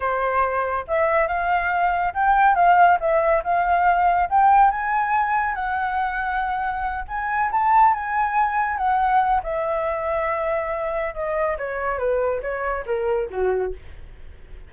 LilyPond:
\new Staff \with { instrumentName = "flute" } { \time 4/4 \tempo 4 = 140 c''2 e''4 f''4~ | f''4 g''4 f''4 e''4 | f''2 g''4 gis''4~ | gis''4 fis''2.~ |
fis''8 gis''4 a''4 gis''4.~ | gis''8 fis''4. e''2~ | e''2 dis''4 cis''4 | b'4 cis''4 ais'4 fis'4 | }